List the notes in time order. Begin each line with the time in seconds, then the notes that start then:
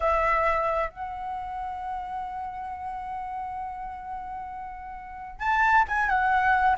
0.00 E5
0.90 F#5
5.39 A5
5.87 G#5
6.08 F#5